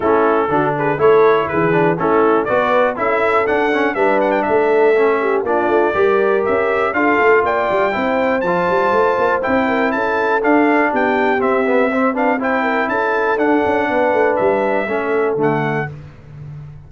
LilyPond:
<<
  \new Staff \with { instrumentName = "trumpet" } { \time 4/4 \tempo 4 = 121 a'4. b'8 cis''4 b'4 | a'4 d''4 e''4 fis''4 | e''8 fis''16 g''16 e''2 d''4~ | d''4 e''4 f''4 g''4~ |
g''4 a''2 g''4 | a''4 f''4 g''4 e''4~ | e''8 f''8 g''4 a''4 fis''4~ | fis''4 e''2 fis''4 | }
  \new Staff \with { instrumentName = "horn" } { \time 4/4 e'4 fis'8 gis'8 a'4 gis'4 | e'4 b'4 a'2 | b'4 a'4. g'8 f'4 | ais'2 a'4 d''4 |
c''2.~ c''8 ais'8 | a'2 g'2 | c''8 b'8 c''8 ais'8 a'2 | b'2 a'2 | }
  \new Staff \with { instrumentName = "trombone" } { \time 4/4 cis'4 d'4 e'4. d'8 | cis'4 fis'4 e'4 d'8 cis'8 | d'2 cis'4 d'4 | g'2 f'2 |
e'4 f'2 e'4~ | e'4 d'2 c'8 b8 | c'8 d'8 e'2 d'4~ | d'2 cis'4 a4 | }
  \new Staff \with { instrumentName = "tuba" } { \time 4/4 a4 d4 a4 e4 | a4 b4 cis'4 d'4 | g4 a2 ais8 a8 | g4 cis'4 d'8 a8 ais8 g8 |
c'4 f8 g8 a8 ais8 c'4 | cis'4 d'4 b4 c'4~ | c'2 cis'4 d'8 cis'8 | b8 a8 g4 a4 d4 | }
>>